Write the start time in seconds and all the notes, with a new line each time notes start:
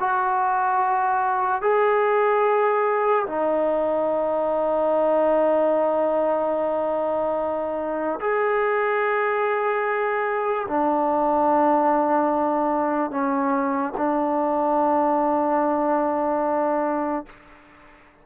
0.00 F#4
1.62 G#4
3.27 D#4
8.21 G#4
10.68 D4
13.11 C#4
13.98 D4